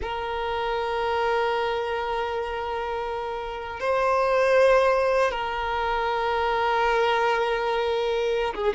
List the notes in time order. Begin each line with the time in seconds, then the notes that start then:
0.02 A#4
3.79 C5
5.31 A#4
8.54 G#4